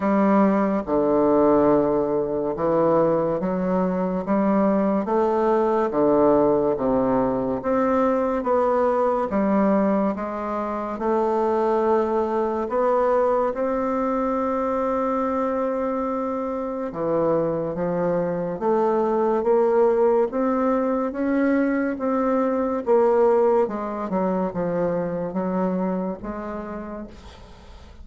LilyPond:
\new Staff \with { instrumentName = "bassoon" } { \time 4/4 \tempo 4 = 71 g4 d2 e4 | fis4 g4 a4 d4 | c4 c'4 b4 g4 | gis4 a2 b4 |
c'1 | e4 f4 a4 ais4 | c'4 cis'4 c'4 ais4 | gis8 fis8 f4 fis4 gis4 | }